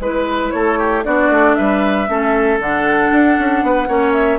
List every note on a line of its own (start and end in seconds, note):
0.00 0.52 G#3
0.00 1.04 E4
0.00 0.51 B4
0.00 0.54 B4
0.51 1.06 A3
0.51 0.79 A4
0.51 1.03 C#5
0.79 1.05 G4
1.04 1.30 B3
1.04 2.08 D4
1.04 1.57 F#4
1.04 1.55 D5
1.30 1.56 A3
1.55 2.09 G3
1.55 2.10 B4
1.55 2.59 E5
2.08 2.59 A3
2.08 2.60 C#4
2.08 3.66 A4
2.59 3.11 D3
2.59 3.89 D4
2.59 4.13 F#5
3.12 3.38 D4
3.39 3.63 C#4
3.63 3.89 B3
3.63 3.88 B4
3.88 4.40 A#3
3.88 4.40 C#4
3.88 4.40 C#5
4.13 4.39 E5